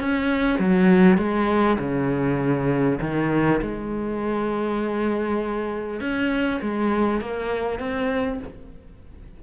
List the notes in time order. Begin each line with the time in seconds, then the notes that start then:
0.00 C#4
0.59 F#3
1.18 G#3
1.79 C#3
3.01 D#3
3.62 G#3
6.00 C#4
6.62 G#3
7.21 A#3
7.79 C4